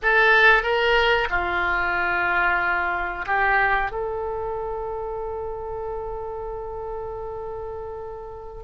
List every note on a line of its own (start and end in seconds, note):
0.02 0.62 A4
0.62 1.27 A#4
1.30 3.25 F4
3.26 3.91 G4
3.91 8.63 A4